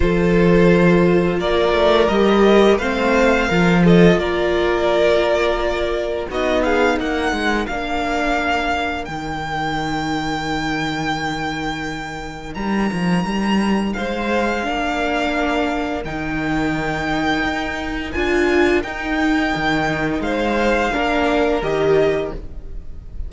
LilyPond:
<<
  \new Staff \with { instrumentName = "violin" } { \time 4/4 \tempo 4 = 86 c''2 d''4 dis''4 | f''4. dis''8 d''2~ | d''4 dis''8 f''8 fis''4 f''4~ | f''4 g''2.~ |
g''2 ais''2 | f''2. g''4~ | g''2 gis''4 g''4~ | g''4 f''2 dis''4 | }
  \new Staff \with { instrumentName = "violin" } { \time 4/4 a'2 ais'2 | c''4 ais'8 a'8 ais'2~ | ais'4 fis'8 gis'8 ais'2~ | ais'1~ |
ais'1 | c''4 ais'2.~ | ais'1~ | ais'4 c''4 ais'2 | }
  \new Staff \with { instrumentName = "viola" } { \time 4/4 f'2. g'4 | c'4 f'2.~ | f'4 dis'2 d'4~ | d'4 dis'2.~ |
dis'1~ | dis'4 d'2 dis'4~ | dis'2 f'4 dis'4~ | dis'2 d'4 g'4 | }
  \new Staff \with { instrumentName = "cello" } { \time 4/4 f2 ais8 a8 g4 | a4 f4 ais2~ | ais4 b4 ais8 gis8 ais4~ | ais4 dis2.~ |
dis2 g8 f8 g4 | gis4 ais2 dis4~ | dis4 dis'4 d'4 dis'4 | dis4 gis4 ais4 dis4 | }
>>